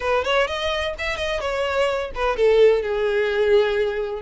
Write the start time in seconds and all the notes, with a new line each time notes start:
0.00 B4
0.24 C#5
0.47 D#5
0.98 E5
1.17 D#5
1.40 C#5
2.14 B4
2.36 A4
2.82 G#4